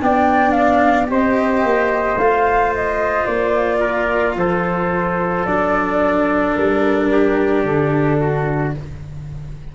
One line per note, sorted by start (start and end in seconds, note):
0.00 1.10 B3
0.00 1.07 D4
0.00 1.11 D5
0.00 0.51 G5
0.51 1.06 F5
1.07 1.64 C4
1.07 2.16 G4
1.07 3.80 C5
1.07 2.19 D#5
1.64 2.16 A#3
2.16 3.25 A3
2.16 5.47 F4
2.16 2.73 F5
2.74 3.26 D#5
3.26 4.36 A#3
3.26 4.35 D5
3.80 4.35 A#4
4.36 5.45 F3
4.36 7.12 A4
4.36 5.45 C5
5.45 6.56 F#3
5.45 8.75 D4
5.45 6.54 D5
6.55 7.64 G3
6.55 7.64 A#4
7.12 8.21 G4
7.64 8.73 D3
7.64 8.74 A4
8.21 8.75 F#4